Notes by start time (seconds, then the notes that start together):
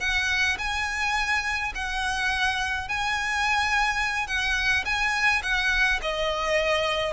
0.00 F#5
0.59 G#5
1.75 F#5
2.89 G#5
4.28 F#5
4.85 G#5
5.43 F#5
6.02 D#5